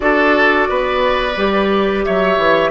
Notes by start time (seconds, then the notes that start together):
0.00 D4 F#4 A4 D5
0.68 B3 B4
1.36 G3 G4
2.04 F#3 C#5 E5
2.37 E3